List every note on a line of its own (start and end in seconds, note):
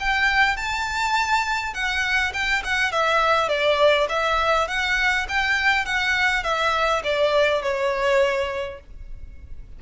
0.00 0.57 G5
0.57 1.74 A5
1.74 2.33 F#5
2.33 2.63 G5
2.64 2.92 F#5
2.92 3.49 E5
3.49 4.08 D5
4.09 4.68 E5
4.68 5.27 F#5
5.29 5.86 G5
5.86 6.44 F#5
6.44 7.02 E5
7.04 7.63 D5
7.63 8.80 C#5